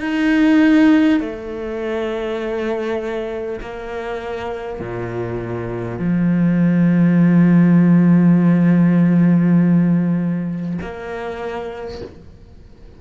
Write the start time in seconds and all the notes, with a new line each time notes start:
0.00 D#4
1.20 A3
3.61 A#3
4.79 A#2
5.98 F3
10.81 A#3